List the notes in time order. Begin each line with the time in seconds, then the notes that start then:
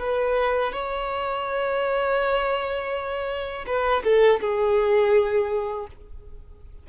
0.00 B4
0.73 C#5
3.67 B4
4.04 A4
4.41 G#4